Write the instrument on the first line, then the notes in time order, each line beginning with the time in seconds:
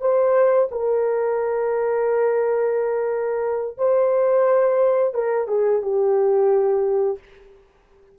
horn
0.00 C5
0.71 A#4
3.77 C5
5.13 A#4
5.47 G#4
5.81 G4